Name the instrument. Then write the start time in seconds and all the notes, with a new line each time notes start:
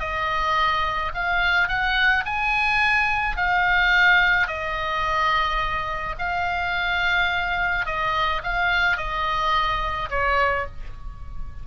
oboe
0.00 D#5
1.15 F5
1.69 F#5
2.26 G#5
3.37 F5
4.48 D#5
6.19 F5
7.86 D#5
8.44 F5
8.97 D#5
10.10 C#5